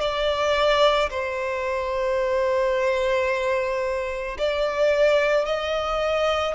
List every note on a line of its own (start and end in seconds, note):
0.00 1.09 D5
1.10 4.37 C5
4.38 5.45 D5
5.45 6.54 D#5